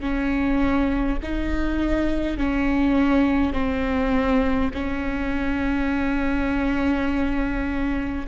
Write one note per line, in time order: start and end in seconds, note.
0.00 1.18 C#4
1.22 2.37 D#4
2.37 3.53 C#4
3.53 4.71 C4
4.74 8.27 C#4